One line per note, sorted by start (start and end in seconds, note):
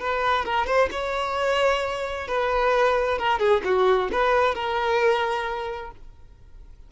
0.00 0.45 B4
0.45 0.66 A#4
0.66 0.89 C5
0.91 2.27 C#5
2.27 3.18 B4
3.19 3.39 A#4
3.39 3.62 G#4
3.64 4.10 F#4
4.12 4.55 B4
4.55 5.91 A#4